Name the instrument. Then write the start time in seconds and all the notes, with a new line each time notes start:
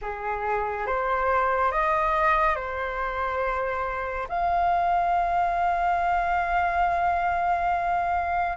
flute
0.01 G#4
0.86 C5
1.71 D#5
2.55 C5
4.29 F5